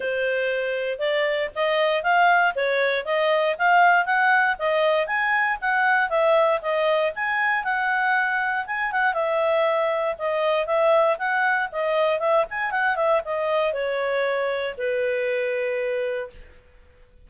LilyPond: \new Staff \with { instrumentName = "clarinet" } { \time 4/4 \tempo 4 = 118 c''2 d''4 dis''4 | f''4 cis''4 dis''4 f''4 | fis''4 dis''4 gis''4 fis''4 | e''4 dis''4 gis''4 fis''4~ |
fis''4 gis''8 fis''8 e''2 | dis''4 e''4 fis''4 dis''4 | e''8 gis''8 fis''8 e''8 dis''4 cis''4~ | cis''4 b'2. | }